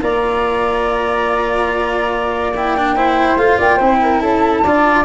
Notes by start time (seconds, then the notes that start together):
0.00 A#3 F4 D5 A#5
2.55 E4 G5
2.77 D4
2.96 E4 C5
3.37 A3 F4 F5
3.58 A#3 D5 G5
3.76 C4 E4 C5
4.02 A#4
4.21 C#4 A4 A5
4.64 D4 F4 D5